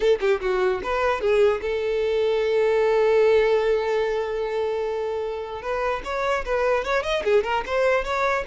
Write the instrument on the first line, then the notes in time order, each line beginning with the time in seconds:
violin
0.00 A4
0.20 G4
0.40 F#4
0.83 B4
1.20 G#4
1.61 A4
5.62 B4
6.04 C#5
6.45 B4
6.84 C#5
7.03 D#5
7.24 G#4
7.43 A#4
7.66 C5
8.04 C#5